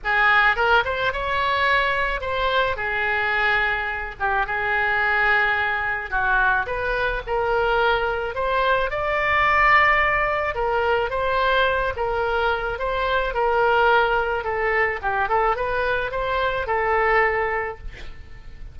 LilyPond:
\new Staff \with { instrumentName = "oboe" } { \time 4/4 \tempo 4 = 108 gis'4 ais'8 c''8 cis''2 | c''4 gis'2~ gis'8 g'8 | gis'2. fis'4 | b'4 ais'2 c''4 |
d''2. ais'4 | c''4. ais'4. c''4 | ais'2 a'4 g'8 a'8 | b'4 c''4 a'2 | }